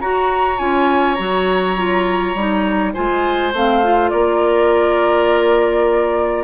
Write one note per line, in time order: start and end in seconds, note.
0.00 0.58 F#4
0.00 0.60 F#4
0.00 2.93 C#5
0.00 0.58 A#5
0.58 1.19 C#4
0.58 1.16 F4
0.58 1.15 G#5
1.15 2.34 F#3
1.15 1.76 F#4
1.15 2.91 A#5
1.76 2.35 F4
2.34 2.93 G3
2.34 2.94 D#4
2.93 3.53 G#3
2.93 3.53 F4
2.93 4.11 C5
2.93 3.53 G#5
3.53 4.12 A3
3.53 3.83 C4
3.53 4.09 F5
3.83 6.44 F4
4.09 6.44 A#3
4.09 6.44 A#4
4.09 6.44 D5